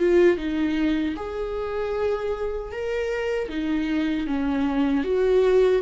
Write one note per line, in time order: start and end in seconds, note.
0.00 0.38 F4
0.38 1.16 D#4
1.17 2.72 G#4
2.72 3.49 A#4
3.49 4.27 D#4
4.28 5.04 C#4
5.04 5.82 F#4